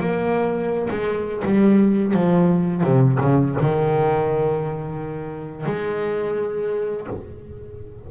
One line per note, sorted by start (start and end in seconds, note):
0.00 0.88 A#3
0.90 1.43 G#3
1.44 2.14 G3
2.14 2.83 F3
2.83 3.18 C3
3.20 3.56 C#3
3.60 5.65 D#3
5.65 7.07 G#3